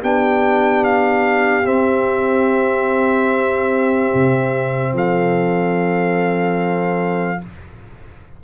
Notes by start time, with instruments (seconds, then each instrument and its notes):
0.00 tuba B3, trombone D4, horn G4, trumpet G5
0.84 trumpet F5
1.63 trombone C4, tuba C4, trumpet E5
4.14 tuba C3
4.93 tuba F3, horn A4, trumpet F5